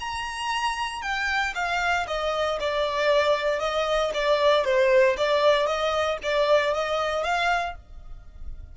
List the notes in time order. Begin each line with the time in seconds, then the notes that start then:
0.00 A#5
1.02 G5
1.55 F5
2.07 D#5
2.60 D5
3.60 D#5
4.14 D5
4.65 C5
5.17 D5
5.66 D#5
6.23 D5
6.74 D#5
7.24 F5